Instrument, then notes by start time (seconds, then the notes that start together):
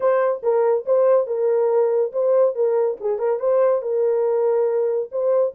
horn
0.00 C5
0.42 A#4
0.85 C5
1.26 A#4
2.12 C5
2.55 A#4
3.00 G#4
3.18 A#4
3.39 C5
3.82 A#4
5.11 C5